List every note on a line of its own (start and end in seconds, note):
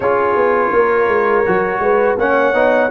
0.00 0.35 C#4
0.00 1.45 F4
0.00 0.72 G#4
0.00 2.17 C#5
0.35 0.72 B3
0.72 1.07 A#3
0.72 1.82 A#4
1.07 1.43 G#3
1.45 1.79 F#3
1.45 2.17 F#4
1.79 2.15 G#3
1.79 2.18 B4
2.17 2.53 A#3
2.17 2.53 C#4
2.17 2.90 C#5
2.17 2.90 F#5
2.53 2.89 B3
2.53 2.90 D#4